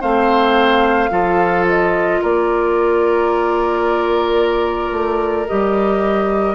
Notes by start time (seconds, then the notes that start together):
0.00 A3 C4 C5 F5
1.09 F3 F4 A4
1.68 D#5
2.21 A#3 A#4 D5
4.91 A3
5.47 G3 G4 D#5